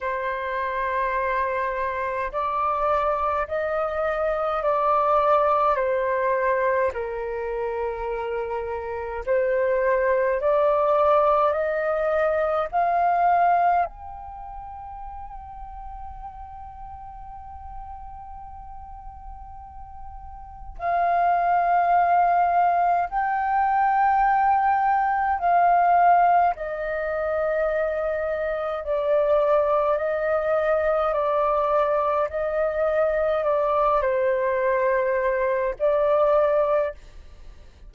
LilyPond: \new Staff \with { instrumentName = "flute" } { \time 4/4 \tempo 4 = 52 c''2 d''4 dis''4 | d''4 c''4 ais'2 | c''4 d''4 dis''4 f''4 | g''1~ |
g''2 f''2 | g''2 f''4 dis''4~ | dis''4 d''4 dis''4 d''4 | dis''4 d''8 c''4. d''4 | }